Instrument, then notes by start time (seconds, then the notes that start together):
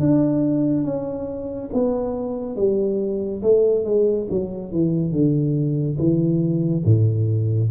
tuba
0.00 D4
0.85 C#4
1.73 B3
2.56 G3
3.42 A3
3.85 G#3
4.31 F#3
4.73 E3
5.12 D3
5.99 E3
6.85 A2